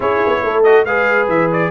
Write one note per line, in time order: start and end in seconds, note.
0.00 0.20 C#4
0.00 0.64 E4
0.00 0.42 G#4
0.00 0.63 C#5
0.26 0.43 B3
0.43 0.85 A3
0.43 0.85 A4
0.63 0.87 F#4
0.63 0.84 D#5
0.85 1.28 G#3
0.85 1.71 G#4
0.85 1.71 B4
0.85 1.28 F5
1.28 1.71 E3
1.28 1.50 E5
1.52 1.71 D5